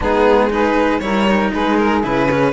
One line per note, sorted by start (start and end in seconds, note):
0.00 1.00 G#3
0.00 0.49 B3
0.00 0.50 D#4
0.00 0.52 G#4
0.49 1.00 D#4
0.49 1.02 G#4
0.49 0.99 B4
0.99 1.51 G3
0.99 1.26 E4
0.99 1.52 A#4
0.99 1.50 C#5
1.27 2.03 D#4
1.52 2.03 G#3
1.52 2.53 G#4
1.52 1.77 B4
1.77 2.02 A#4
2.03 2.53 C#3
2.03 2.28 E4
2.03 2.53 B4
2.31 2.53 C#4